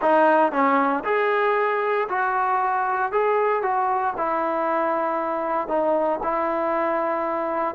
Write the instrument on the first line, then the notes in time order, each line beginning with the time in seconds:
trombone
0.01 D#4
0.51 C#4
1.04 G#4
2.08 F#4
3.12 G#4
3.62 F#4
4.17 E4
5.68 D#4
6.23 E4